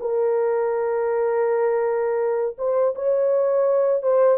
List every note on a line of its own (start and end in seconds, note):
0.00 2.56 A#4
2.58 2.94 C5
2.95 4.02 C#5
4.02 4.38 C5